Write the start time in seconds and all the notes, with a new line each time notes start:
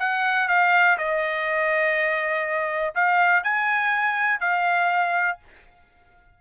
0.00 F#5
0.49 F5
0.98 D#5
2.96 F5
3.44 G#5
4.41 F5